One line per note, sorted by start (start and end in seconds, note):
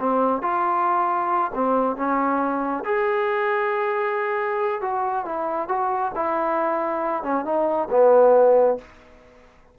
0.00 0.42 C4
0.42 1.51 F4
1.54 1.97 C4
1.97 2.84 C#4
2.85 4.82 G#4
4.82 5.25 F#4
5.26 5.69 E4
5.69 6.12 F#4
6.16 7.23 E4
7.23 7.45 C#4
7.45 7.89 D#4
7.91 8.78 B3